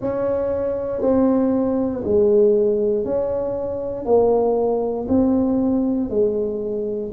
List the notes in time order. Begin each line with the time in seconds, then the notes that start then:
0.00 C#4
1.01 C4
2.03 G#3
3.05 C#4
4.05 A#3
5.08 C4
6.09 G#3